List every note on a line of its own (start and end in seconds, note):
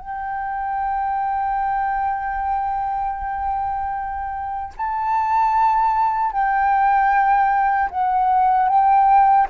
0.00 4.74 G5
4.77 6.32 A5
6.32 7.90 G5
7.91 8.69 F#5
8.69 9.48 G5